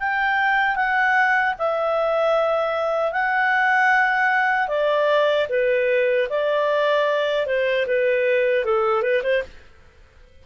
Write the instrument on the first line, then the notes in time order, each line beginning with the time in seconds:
clarinet
0.00 G5
0.76 F#5
1.59 E5
3.13 F#5
4.69 D5
5.50 B4
6.30 D5
7.47 C5
7.87 B4
8.65 A4
9.03 B4
9.24 C5